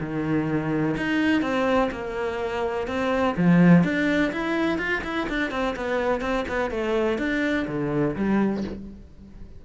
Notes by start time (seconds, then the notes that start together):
0.00 D#3
0.97 D#4
1.42 C4
1.92 A#3
2.87 C4
3.37 F3
3.84 D4
4.32 E4
4.78 F4
5.04 E4
5.29 D4
5.51 C4
5.76 B3
6.21 C4
6.48 B3
6.70 A3
7.18 D4
7.67 D3
8.16 G3